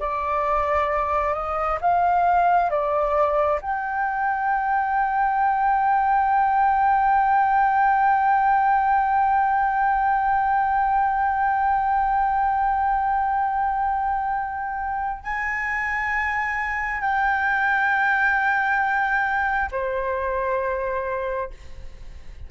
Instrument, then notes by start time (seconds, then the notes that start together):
flute
0.00 D5
1.34 D#5
1.81 F5
2.70 D5
3.62 G5
15.23 G#5
17.01 G5
19.71 C5